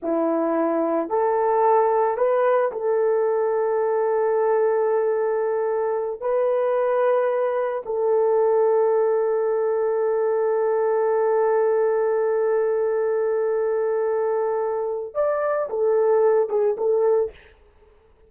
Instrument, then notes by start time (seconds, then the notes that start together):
horn
0.02 E4
1.09 A4
2.17 B4
2.71 A4
6.20 B4
7.85 A4
15.14 D5
15.69 A4
16.49 G#4
16.77 A4